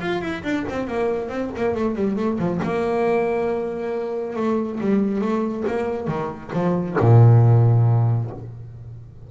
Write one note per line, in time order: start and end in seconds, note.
0.00 0.21 F4
0.21 0.43 E4
0.43 0.65 D4
0.69 0.87 C4
0.87 1.28 A#3
1.28 1.50 C4
1.56 1.74 A#3
1.74 1.95 A3
1.95 2.16 G3
2.16 2.38 A3
2.39 2.60 F3
2.62 4.36 A#3
4.36 4.79 A3
4.80 5.21 G3
5.21 5.64 A3
5.67 6.07 A#3
6.07 6.51 D#3
6.53 6.96 F3
7.00 8.30 A#2